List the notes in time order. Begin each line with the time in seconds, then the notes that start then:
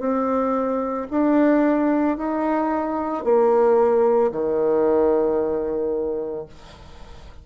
0.00 C4
1.11 D4
2.17 D#4
3.24 A#3
4.31 D#3